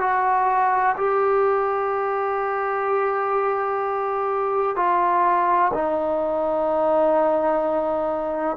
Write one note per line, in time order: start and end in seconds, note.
0.00 0.95 F#4
0.97 4.76 G4
4.76 5.71 F4
5.73 8.57 D#4